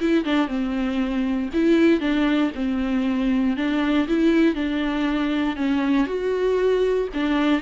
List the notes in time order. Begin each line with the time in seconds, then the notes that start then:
0.00 E4
0.25 D4
0.48 C4
1.53 E4
2.00 D4
2.55 C4
3.57 D4
4.08 E4
4.55 D4
5.56 C#4
6.07 F#4
7.14 D4